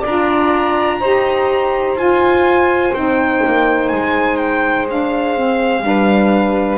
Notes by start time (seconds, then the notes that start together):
0.00 D4 F4 D5 A#5
1.00 D#4 G4 C5
1.95 F4 G#5
2.94 C4 D#4 G5
3.46 A#3
3.89 G#3 G#5
4.37 G5
4.89 D4 F5
5.37 C4
5.83 G3 D4 B4